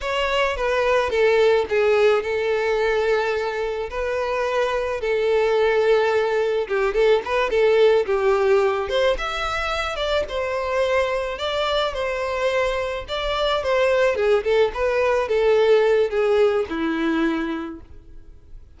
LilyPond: \new Staff \with { instrumentName = "violin" } { \time 4/4 \tempo 4 = 108 cis''4 b'4 a'4 gis'4 | a'2. b'4~ | b'4 a'2. | g'8 a'8 b'8 a'4 g'4. |
c''8 e''4. d''8 c''4.~ | c''8 d''4 c''2 d''8~ | d''8 c''4 gis'8 a'8 b'4 a'8~ | a'4 gis'4 e'2 | }